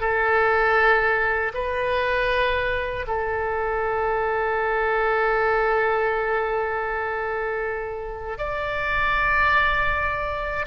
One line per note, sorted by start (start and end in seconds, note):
0.00 1.52 A4
1.54 3.06 B4
3.07 8.38 A4
8.38 10.65 D5